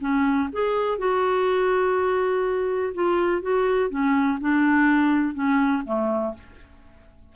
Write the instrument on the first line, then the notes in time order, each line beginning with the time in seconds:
clarinet
0.00 C#4
0.52 G#4
0.98 F#4
2.94 F4
3.41 F#4
3.90 C#4
4.40 D4
5.34 C#4
5.85 A3